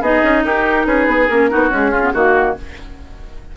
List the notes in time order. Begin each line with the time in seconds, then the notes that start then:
0.00 B3 D#4 G#4 D#5
0.22 C#4
0.42 D#4 G4 A#4
0.85 C#4 G#4 B4
1.07 B3
1.27 A#3 C#4 A#4
1.49 B3 D#4 F#4
1.69 G#3 C#4 G#4
1.89 C#4 F4
2.02 B3
2.12 D#3 A#3 F#4